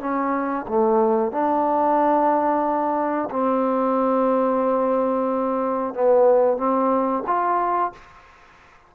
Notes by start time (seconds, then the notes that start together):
0.00 C#4
0.68 A3
1.32 D4
3.30 C4
5.94 B3
6.57 C4
7.27 F4